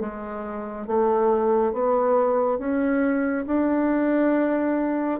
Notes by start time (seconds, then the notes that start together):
0.00 G#3
0.87 A3
1.73 B3
2.58 C#4
3.46 D4